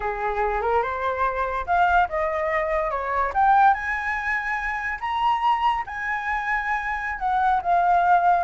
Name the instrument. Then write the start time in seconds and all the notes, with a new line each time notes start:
flute
0.00 G#4
0.61 A#4
0.82 C5
1.66 F5
2.08 D#5
2.91 C#5
3.33 G5
3.73 G#5
5.00 A#5
5.86 G#5
7.19 F#5
7.62 F5